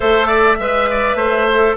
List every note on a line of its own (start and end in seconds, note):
0.00 0.59 A3
0.00 0.55 A4
0.00 0.27 C5
0.00 1.76 E5
0.27 0.56 D5
0.59 1.14 G#3
0.59 1.48 B4
0.59 0.89 E5
0.90 1.16 D5
1.14 1.73 A3
1.14 1.75 C5
1.50 1.76 A4